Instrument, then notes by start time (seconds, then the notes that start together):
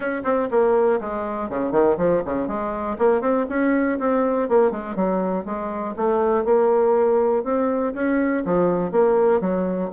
bassoon
0.00 C#4
0.24 C4
0.50 A#3
1.00 G#3
1.49 C#3
1.71 D#3
1.97 F3
2.25 C#3
2.47 G#3
2.98 A#3
3.21 C4
3.49 C#4
3.99 C4
4.48 A#3
4.71 G#3
4.95 F#3
5.45 G#3
5.96 A3
6.45 A#3
7.44 C4
7.94 C#4
8.45 F3
8.91 A#3
9.41 F#3